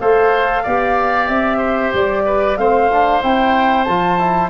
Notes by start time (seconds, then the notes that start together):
0.00 A3 A4 C5 F5
0.63 B3 G4 D5
1.28 C4 E5
1.58 C5
1.94 G3 D5
2.26 B4
2.57 A3 C4 C5 F5
2.92 D4
3.23 C4 E4 G5
3.84 F3 F4 A5
4.19 E4